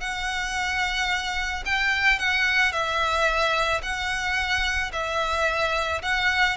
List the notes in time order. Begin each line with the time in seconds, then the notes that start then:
0.00 F#5
1.65 G5
2.19 F#5
2.72 E5
3.82 F#5
4.93 E5
6.02 F#5